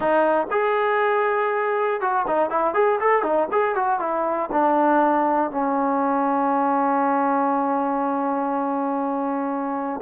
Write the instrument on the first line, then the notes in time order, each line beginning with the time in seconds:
trombone
0.00 D#4
0.50 G#4
2.00 F#4
2.27 D#4
2.50 E4
2.74 G#4
3.00 A4
3.22 D#4
3.51 G#4
3.75 F#4
3.99 E4
4.52 D4
5.50 C#4